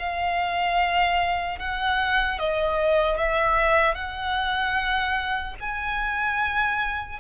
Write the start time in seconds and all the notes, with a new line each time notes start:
0.00 F5
1.59 F#5
2.39 D#5
3.18 E5
3.95 F#5
5.60 G#5